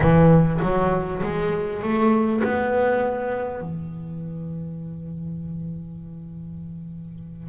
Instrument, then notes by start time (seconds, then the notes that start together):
double bass
0.00 E3
0.62 F#3
1.22 G#3
1.82 A3
2.43 B3
3.61 E3